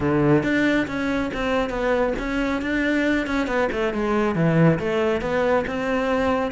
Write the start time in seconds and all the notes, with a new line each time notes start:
0.00 D3
0.43 D4
0.87 C#4
1.33 C4
1.69 B3
2.18 C#4
2.61 D4
3.26 C#4
3.47 B3
3.72 A3
3.93 G#3
4.35 E3
4.79 A3
5.21 B3
5.66 C4